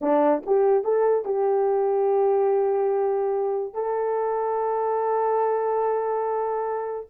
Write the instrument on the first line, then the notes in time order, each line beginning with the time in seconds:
horn
0.01 D4
0.46 G4
0.84 A4
1.24 G4
3.73 A4